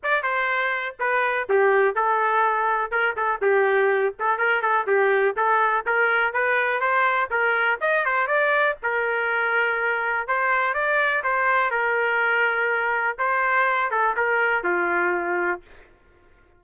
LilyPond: \new Staff \with { instrumentName = "trumpet" } { \time 4/4 \tempo 4 = 123 d''8 c''4. b'4 g'4 | a'2 ais'8 a'8 g'4~ | g'8 a'8 ais'8 a'8 g'4 a'4 | ais'4 b'4 c''4 ais'4 |
dis''8 c''8 d''4 ais'2~ | ais'4 c''4 d''4 c''4 | ais'2. c''4~ | c''8 a'8 ais'4 f'2 | }